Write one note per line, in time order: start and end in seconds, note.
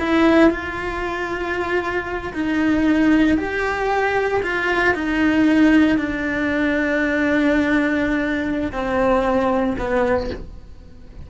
0.00 0.51 E4
0.51 2.33 F4
2.34 3.38 D#4
3.38 4.42 G4
4.43 4.95 F4
4.95 5.99 D#4
5.99 8.72 D4
8.72 9.77 C4
9.79 10.31 B3